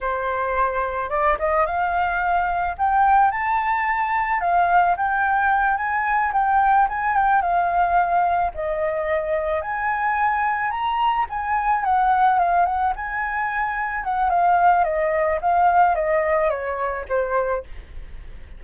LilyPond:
\new Staff \with { instrumentName = "flute" } { \time 4/4 \tempo 4 = 109 c''2 d''8 dis''8 f''4~ | f''4 g''4 a''2 | f''4 g''4. gis''4 g''8~ | g''8 gis''8 g''8 f''2 dis''8~ |
dis''4. gis''2 ais''8~ | ais''8 gis''4 fis''4 f''8 fis''8 gis''8~ | gis''4. fis''8 f''4 dis''4 | f''4 dis''4 cis''4 c''4 | }